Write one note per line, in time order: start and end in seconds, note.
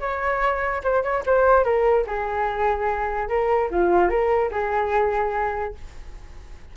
0.00 0.82 C#5
0.83 1.03 C5
1.03 1.23 C#5
1.26 1.64 C5
1.64 2.05 A#4
2.07 3.28 G#4
3.28 3.69 A#4
3.71 4.09 F4
4.09 4.51 A#4
4.51 5.74 G#4